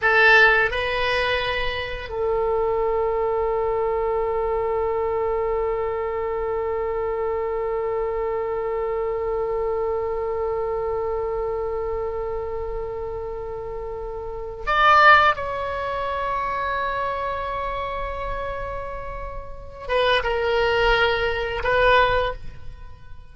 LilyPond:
\new Staff \with { instrumentName = "oboe" } { \time 4/4 \tempo 4 = 86 a'4 b'2 a'4~ | a'1~ | a'1~ | a'1~ |
a'1~ | a'4 d''4 cis''2~ | cis''1~ | cis''8 b'8 ais'2 b'4 | }